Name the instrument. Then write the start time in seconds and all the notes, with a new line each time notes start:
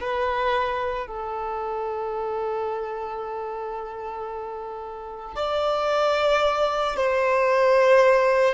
violin
0.00 B4
1.07 A4
5.36 D5
6.96 C5